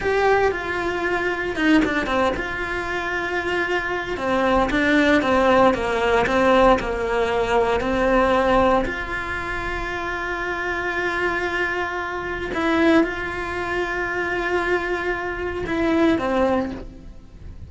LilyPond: \new Staff \with { instrumentName = "cello" } { \time 4/4 \tempo 4 = 115 g'4 f'2 dis'8 d'8 | c'8 f'2.~ f'8 | c'4 d'4 c'4 ais4 | c'4 ais2 c'4~ |
c'4 f'2.~ | f'1 | e'4 f'2.~ | f'2 e'4 c'4 | }